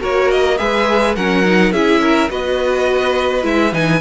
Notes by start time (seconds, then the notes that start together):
0.00 A#3 F#4 A#4 C#5
0.31 D#5
0.58 G#3 G#4 B4 E5
1.16 F#3 C#4 A#4 F#5
1.45 D#4
1.72 C#4 E4 G#4 E5
2.02 A#4
2.29 B3 F#4 B4 D#5
3.43 G#3 E4 E5
3.73 E3 D#4 G#5